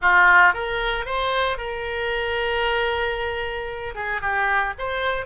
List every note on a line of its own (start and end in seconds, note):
0.01 0.53 F4
0.53 1.05 A#4
1.05 1.57 C5
1.57 3.94 A#4
3.94 4.21 G#4
4.21 4.73 G4
4.78 5.26 C5